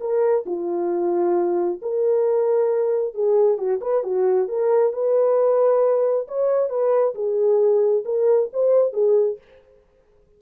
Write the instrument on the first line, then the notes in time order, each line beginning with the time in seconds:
horn
0.00 A#4
0.46 F4
1.82 A#4
3.14 G#4
3.58 F#4
3.81 B4
4.03 F#4
4.48 A#4
4.93 B4
6.28 C#5
6.69 B4
7.15 G#4
8.05 A#4
8.53 C5
8.93 G#4